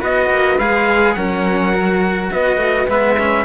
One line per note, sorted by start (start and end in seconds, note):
0.00 0.30 B3
0.00 0.58 F#4
0.00 1.14 B4
0.00 0.59 D#5
0.30 0.59 A#3
0.59 1.16 G#3
0.59 1.17 G#4
0.59 1.14 F5
1.14 2.30 F#3
1.14 1.74 C#4
1.14 2.31 A#4
1.14 2.28 F#5
1.74 2.88 F#4
2.31 2.57 B3
2.31 3.45 B4
2.31 2.88 D#5
2.57 2.85 A3
2.89 3.45 G#3
2.89 3.17 B3
2.89 3.45 E5
3.18 3.45 C#4